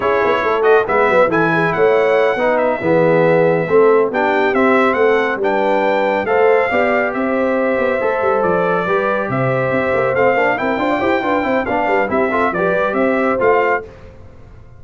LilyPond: <<
  \new Staff \with { instrumentName = "trumpet" } { \time 4/4 \tempo 4 = 139 cis''4. dis''8 e''4 gis''4 | fis''2 e''2~ | e''4. g''4 e''4 fis''8~ | fis''8 g''2 f''4.~ |
f''8 e''2. d''8~ | d''4. e''2 f''8~ | f''8 g''2~ g''8 f''4 | e''4 d''4 e''4 f''4 | }
  \new Staff \with { instrumentName = "horn" } { \time 4/4 gis'4 a'4 b'4 a'8 gis'8 | cis''4. b'4 gis'4.~ | gis'8 a'4 g'2 a'8~ | a'8 b'2 c''4 d''8~ |
d''8 c''2.~ c''8~ | c''8 b'4 c''2~ c''8~ | c''8 ais'8 c''16 d''16 c''8 b'8 c''8 d''8 b'8 | g'8 a'8 b'4 c''2 | }
  \new Staff \with { instrumentName = "trombone" } { \time 4/4 e'4. fis'8 b4 e'4~ | e'4. dis'4 b4.~ | b8 c'4 d'4 c'4.~ | c'8 d'2 a'4 g'8~ |
g'2~ g'8 a'4.~ | a'8 g'2. c'8 | d'8 e'8 f'8 g'8 f'8 e'8 d'4 | e'8 f'8 g'2 f'4 | }
  \new Staff \with { instrumentName = "tuba" } { \time 4/4 cis'8 b8 a4 gis8 fis8 e4 | a4. b4 e4.~ | e8 a4 b4 c'4 a8~ | a8 g2 a4 b8~ |
b8 c'4. b8 a8 g8 f8~ | f8 g4 c4 c'8 ais8 a8 | ais8 c'8 d'8 e'8 d'8 c'8 b8 g8 | c'4 f8 g8 c'4 a4 | }
>>